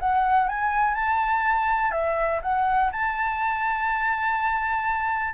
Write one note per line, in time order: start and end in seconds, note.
0.00 0.49 F#5
0.49 0.95 G#5
0.95 1.92 A5
1.92 2.40 E5
2.43 2.91 F#5
2.92 5.35 A5